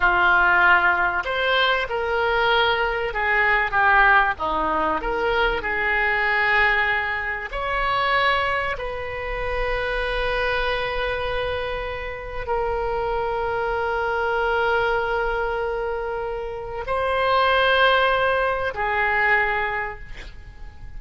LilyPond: \new Staff \with { instrumentName = "oboe" } { \time 4/4 \tempo 4 = 96 f'2 c''4 ais'4~ | ais'4 gis'4 g'4 dis'4 | ais'4 gis'2. | cis''2 b'2~ |
b'1 | ais'1~ | ais'2. c''4~ | c''2 gis'2 | }